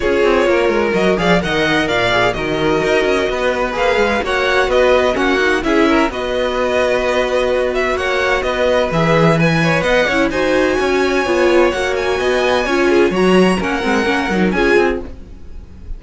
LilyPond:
<<
  \new Staff \with { instrumentName = "violin" } { \time 4/4 \tempo 4 = 128 cis''2 dis''8 f''8 fis''4 | f''4 dis''2. | f''4 fis''4 dis''4 fis''4 | e''4 dis''2.~ |
dis''8 e''8 fis''4 dis''4 e''4 | gis''4 fis''4 gis''2~ | gis''4 fis''8 gis''2~ gis''8 | ais''4 fis''2 gis''4 | }
  \new Staff \with { instrumentName = "violin" } { \time 4/4 gis'4 ais'4. d''8 dis''4 | d''4 ais'2 b'4~ | b'4 cis''4 b'4 fis'4 | gis'8 ais'8 b'2.~ |
b'4 cis''4 b'2~ | b'8 cis''8 dis''8 cis''8 c''4 cis''4~ | cis''2 dis''4 cis''8 gis'8 | cis''4 ais'2 gis'4 | }
  \new Staff \with { instrumentName = "viola" } { \time 4/4 f'2 fis'8 gis'8 ais'4~ | ais'8 gis'8 fis'2. | gis'4 fis'2 cis'8 dis'8 | e'4 fis'2.~ |
fis'2. gis'4 | b'4. e'8 fis'2 | f'4 fis'2 f'4 | fis'4 cis'8 c'8 cis'8 dis'8 f'4 | }
  \new Staff \with { instrumentName = "cello" } { \time 4/4 cis'8 c'8 ais8 gis8 fis8 f8 dis4 | ais,4 dis4 dis'8 cis'8 b4 | ais8 gis8 ais4 b4 ais4 | cis'4 b2.~ |
b4 ais4 b4 e4~ | e4 b8 cis'8 dis'4 cis'4 | b4 ais4 b4 cis'4 | fis4 ais8 gis8 ais8 fis8 cis'8 c'8 | }
>>